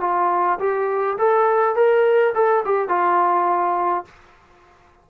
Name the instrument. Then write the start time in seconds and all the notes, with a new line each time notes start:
trombone
0.00 F4
0.59 G4
1.17 A4
1.75 A#4
2.34 A4
2.65 G4
2.88 F4